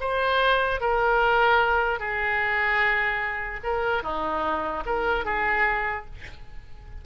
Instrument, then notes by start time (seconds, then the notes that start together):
oboe
0.00 C5
0.80 A#4
1.99 G#4
3.63 A#4
4.03 D#4
4.85 A#4
5.25 G#4